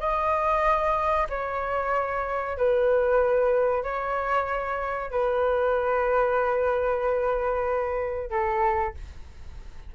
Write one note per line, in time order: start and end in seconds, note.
0.00 1.28 D#5
1.30 2.57 C#5
2.57 3.83 B4
3.83 5.11 C#5
5.11 8.30 B4
8.30 8.94 A4